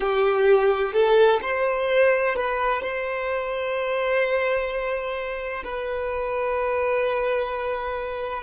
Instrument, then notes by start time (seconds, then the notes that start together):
violin
0.00 G4
0.93 A4
1.41 C5
2.35 B4
2.82 C5
5.64 B4